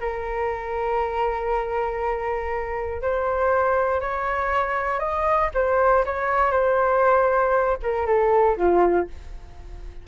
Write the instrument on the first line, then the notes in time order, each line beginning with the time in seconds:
flute
0.00 A#4
3.02 C5
4.01 C#5
4.99 D#5
5.54 C5
6.05 C#5
6.51 C5
7.82 A#4
8.06 A4
8.57 F4